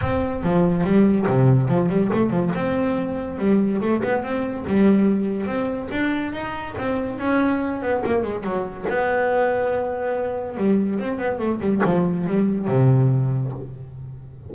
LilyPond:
\new Staff \with { instrumentName = "double bass" } { \time 4/4 \tempo 4 = 142 c'4 f4 g4 c4 | f8 g8 a8 f8 c'2 | g4 a8 b8 c'4 g4~ | g4 c'4 d'4 dis'4 |
c'4 cis'4. b8 ais8 gis8 | fis4 b2.~ | b4 g4 c'8 b8 a8 g8 | f4 g4 c2 | }